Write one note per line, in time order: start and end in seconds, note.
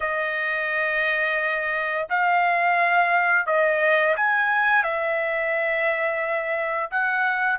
0.00 2.07 D#5
2.09 3.46 F5
3.46 4.15 D#5
4.16 4.83 G#5
4.83 6.90 E5
6.91 7.59 F#5